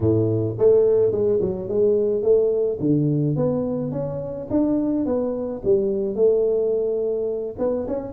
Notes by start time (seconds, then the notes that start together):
0.00 A2
0.58 A3
1.11 G#3
1.40 F#3
1.68 G#3
2.22 A3
2.80 D3
3.36 B3
3.91 C#4
4.50 D4
5.05 B3
5.64 G3
6.15 A3
7.58 B3
7.87 C#4